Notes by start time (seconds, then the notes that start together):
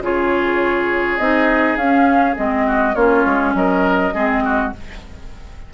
0.00 C#3 F4 G#4 C#5
1.17 C4 D#4 D#5
1.76 C#4 F5
2.36 G#3 C4 D#5
2.66 F#4
2.95 A#3 C#4 F4 C#5
3.25 G#3
3.54 F#3 A#4 D#5
4.14 G#3 C4 G#4
4.44 F#4